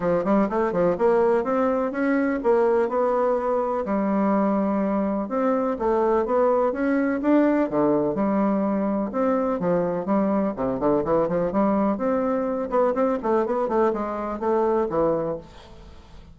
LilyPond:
\new Staff \with { instrumentName = "bassoon" } { \time 4/4 \tempo 4 = 125 f8 g8 a8 f8 ais4 c'4 | cis'4 ais4 b2 | g2. c'4 | a4 b4 cis'4 d'4 |
d4 g2 c'4 | f4 g4 c8 d8 e8 f8 | g4 c'4. b8 c'8 a8 | b8 a8 gis4 a4 e4 | }